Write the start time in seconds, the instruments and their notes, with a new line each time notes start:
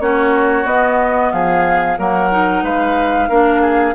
0.00 bassoon A#3, clarinet C#4, oboe F#4, flute C#5
0.66 bassoon B3, clarinet B3, flute D#5
1.32 bassoon F3, oboe G#4, flute F5
1.98 bassoon F#3, clarinet A#3, oboe A#4, flute F#5
2.31 clarinet D#4
2.63 bassoon G#3, oboe B4, flute F5
3.29 bassoon A#3, clarinet D4, oboe A#4
3.61 oboe G#4